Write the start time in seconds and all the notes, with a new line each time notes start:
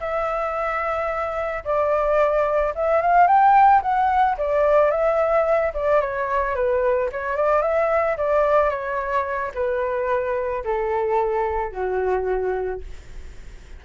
0.00 E5
1.64 D5
2.75 E5
3.01 F5
3.27 G5
3.82 F#5
4.37 D5
4.91 E5
5.74 D5
6.01 C#5
6.55 B4
7.12 C#5
7.36 D5
7.62 E5
8.17 D5
8.70 C#5
9.54 B4
10.64 A4
11.71 F#4